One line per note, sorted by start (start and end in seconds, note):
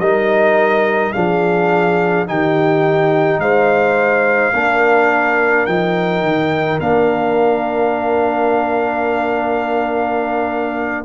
0.00 1.13 G3
0.00 1.15 D#4
0.00 1.14 A#4
0.00 1.13 D#5
1.13 2.29 F3
1.13 2.27 D4
1.13 2.29 G#4
1.13 2.26 F5
2.27 3.39 D#3
2.27 4.54 D#4
2.27 3.42 G4
2.27 3.40 G5
3.39 4.52 G#3
3.39 4.55 C5
3.39 5.67 F5
4.54 5.67 A#3
4.54 5.68 D4
4.54 11.05 A#4
5.67 6.23 F3
5.67 6.81 D#4
5.67 6.80 G5
6.23 6.79 D#3
6.80 11.05 A#3
6.80 11.05 D4
6.80 11.05 F5